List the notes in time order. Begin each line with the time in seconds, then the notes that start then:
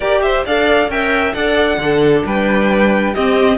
0.00 G4 A#4 D5
0.22 C5 E5
0.45 D4 A4 D5 F5
0.88 C#4 A#4 E5 G5
1.32 D4 A4 D5 F#5
1.77 D3 D4
1.83 A4
2.25 G3 B4 G5
3.14 C4 G4 D#5